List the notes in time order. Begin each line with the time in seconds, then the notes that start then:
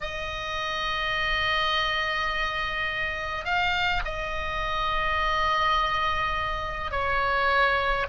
0.00 D#5
3.44 F5
4.04 D#5
6.91 C#5